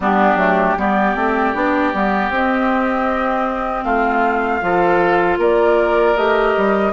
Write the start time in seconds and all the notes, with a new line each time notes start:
0.00 G3 B3 D4 G4
0.35 F#3 A3
0.77 G3 B3 G4 D5
1.15 A3 C4
1.54 B3 D4
1.93 G3 B3
2.29 C4 D#5
3.83 A3 F4 F5
4.61 F3 F4 A4
5.37 A#3 A#4 D5
6.16 A3 G4 D#5
6.56 G3